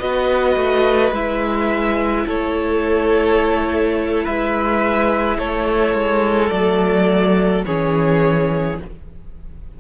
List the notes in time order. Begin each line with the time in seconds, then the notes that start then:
0.00 B3 F#4 B4 D#5
0.56 A3
1.12 G#3 E4 E5
2.26 A3 A4 C#5
4.24 G#3 B4 E5
5.39 A3 A4 C#5
5.95 G#3
6.50 F#3 A3 D5
7.66 E3 C#4 G#4 C#5